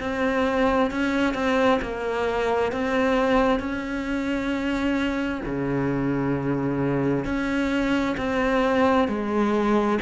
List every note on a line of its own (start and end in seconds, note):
0.00 0.90 C4
0.90 1.34 C#4
1.34 1.79 C4
1.81 2.72 A#3
2.72 3.60 C4
3.60 5.41 C#4
5.45 7.25 C#3
7.25 8.16 C#4
8.17 9.08 C4
9.08 9.99 G#3